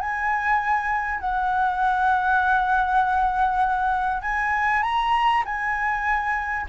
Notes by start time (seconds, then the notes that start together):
0.00 G#5
1.20 F#5
4.22 G#5
4.83 A#5
5.45 G#5